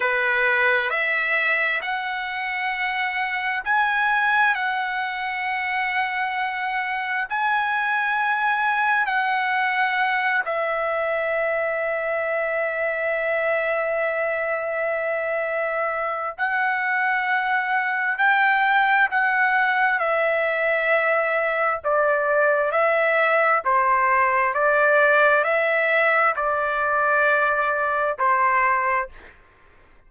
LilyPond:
\new Staff \with { instrumentName = "trumpet" } { \time 4/4 \tempo 4 = 66 b'4 e''4 fis''2 | gis''4 fis''2. | gis''2 fis''4. e''8~ | e''1~ |
e''2 fis''2 | g''4 fis''4 e''2 | d''4 e''4 c''4 d''4 | e''4 d''2 c''4 | }